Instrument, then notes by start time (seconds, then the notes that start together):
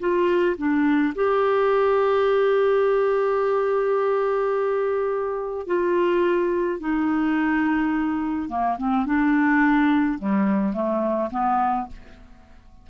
clarinet
0.00 F4
0.58 D4
1.15 G4
5.67 F4
6.80 D#4
8.49 A#3
8.78 C4
9.06 D4
10.19 G3
10.73 A3
11.31 B3